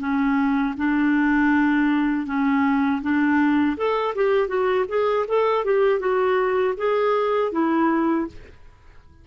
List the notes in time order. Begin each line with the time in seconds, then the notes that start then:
0.00 C#4
0.77 D4
2.27 C#4
3.02 D4
3.77 A4
4.16 G4
4.48 F#4
4.89 G#4
5.28 A4
5.65 G4
6.00 F#4
6.77 G#4
7.52 E4